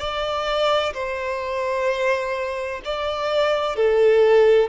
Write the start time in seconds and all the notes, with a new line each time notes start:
0.00 D5
0.94 C5
2.85 D5
3.76 A4